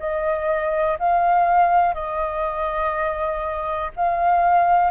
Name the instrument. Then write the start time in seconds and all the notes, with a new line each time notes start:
flute
0.00 D#5
0.99 F5
1.95 D#5
3.97 F5